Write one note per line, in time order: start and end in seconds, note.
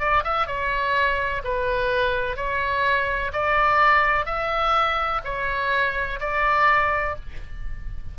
0.00 0.24 D5
0.24 0.47 E5
0.47 1.42 C#5
1.44 2.37 B4
2.37 3.32 C#5
3.33 4.26 D5
4.26 5.21 E5
5.25 6.20 C#5
6.20 7.16 D5